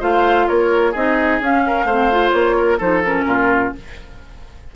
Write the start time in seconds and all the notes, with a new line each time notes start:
0.00 A3 F4 C5 F5
0.48 A#3 A#4 C#5
0.92 C4 D#4 G#4 D#5
1.40 C#4 F5
1.67 A#4
1.84 A3 C4 C5
2.12 F4
2.31 A#3 C#5
2.58 A#4
2.78 F3 D#4 A4 C5
3.05 C#4 A#4
3.26 A#2 F4